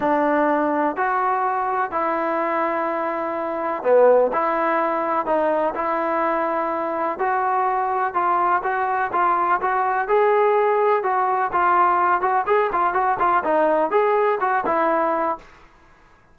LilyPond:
\new Staff \with { instrumentName = "trombone" } { \time 4/4 \tempo 4 = 125 d'2 fis'2 | e'1 | b4 e'2 dis'4 | e'2. fis'4~ |
fis'4 f'4 fis'4 f'4 | fis'4 gis'2 fis'4 | f'4. fis'8 gis'8 f'8 fis'8 f'8 | dis'4 gis'4 fis'8 e'4. | }